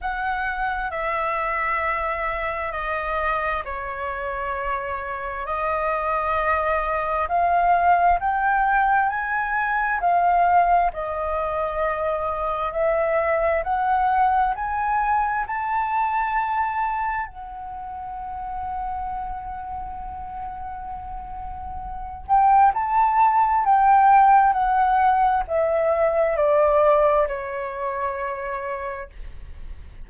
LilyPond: \new Staff \with { instrumentName = "flute" } { \time 4/4 \tempo 4 = 66 fis''4 e''2 dis''4 | cis''2 dis''2 | f''4 g''4 gis''4 f''4 | dis''2 e''4 fis''4 |
gis''4 a''2 fis''4~ | fis''1~ | fis''8 g''8 a''4 g''4 fis''4 | e''4 d''4 cis''2 | }